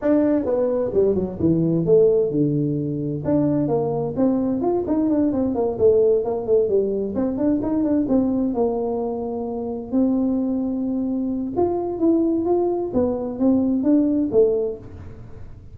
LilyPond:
\new Staff \with { instrumentName = "tuba" } { \time 4/4 \tempo 4 = 130 d'4 b4 g8 fis8 e4 | a4 d2 d'4 | ais4 c'4 f'8 dis'8 d'8 c'8 | ais8 a4 ais8 a8 g4 c'8 |
d'8 dis'8 d'8 c'4 ais4.~ | ais4. c'2~ c'8~ | c'4 f'4 e'4 f'4 | b4 c'4 d'4 a4 | }